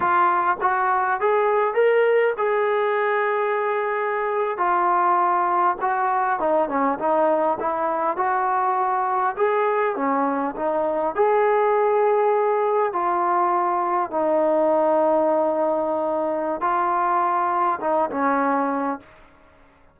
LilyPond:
\new Staff \with { instrumentName = "trombone" } { \time 4/4 \tempo 4 = 101 f'4 fis'4 gis'4 ais'4 | gis'2.~ gis'8. f'16~ | f'4.~ f'16 fis'4 dis'8 cis'8 dis'16~ | dis'8. e'4 fis'2 gis'16~ |
gis'8. cis'4 dis'4 gis'4~ gis'16~ | gis'4.~ gis'16 f'2 dis'16~ | dis'1 | f'2 dis'8 cis'4. | }